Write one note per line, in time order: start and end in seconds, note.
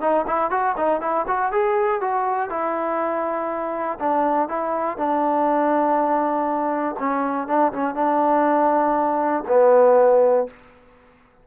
0.00 0.25 D#4
0.27 0.50 E4
0.50 0.75 F#4
0.77 1.01 D#4
1.01 1.25 E4
1.27 1.51 F#4
1.51 2.01 G#4
2.01 2.49 F#4
2.49 3.98 E4
3.99 4.48 D4
4.48 4.97 E4
4.97 6.95 D4
6.98 7.47 C#4
7.47 7.72 D4
7.72 7.95 C#4
7.95 9.43 D4
9.48 10.47 B3